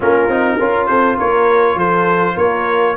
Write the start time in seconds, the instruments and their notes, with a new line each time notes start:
0.00 tuba A#3, trombone C#4, horn F4, trumpet A#4
0.27 tuba C4, trombone D#4
0.58 tuba C#4, trombone F4, horn A#4
0.86 tuba C4, horn A4, trumpet C5
1.17 tuba A#3, horn A#4, trumpet C#5
1.75 tuba F3, horn A4, trumpet C5
2.35 tuba A#3, horn A#4, trumpet C#5